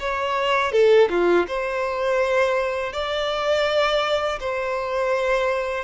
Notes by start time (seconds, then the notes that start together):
0.00 C#5
0.73 A4
1.10 F4
1.48 C5
2.93 D5
4.40 C5